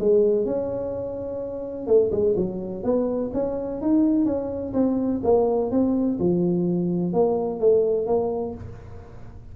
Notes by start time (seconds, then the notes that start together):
0.00 G#3
0.46 C#4
1.87 A3
2.12 G#3
2.37 F#3
2.84 B3
3.34 C#4
3.82 D#4
4.26 C#4
4.74 C4
5.24 A#3
5.71 C4
6.20 F3
7.13 A#3
7.60 A3
8.07 A#3